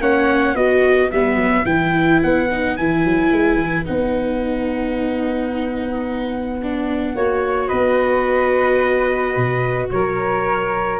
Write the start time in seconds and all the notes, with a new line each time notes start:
0.00 A#3 C#4 C#5 F#5
0.54 B3 F#4 B4 D#5
1.11 G3 B3 E5
1.36 F#3
1.65 E3 E4 G5
2.22 B3 F#5
2.51 D#4
2.76 E3 E4 G#5
3.04 F#3
3.31 G#3
3.56 E3
3.85 B3 D#4 F#5
6.62 D4
7.15 A#3 F#4 C#5
7.68 B3 B4 D#5
9.36 B2
9.90 F#3 A#4 C#5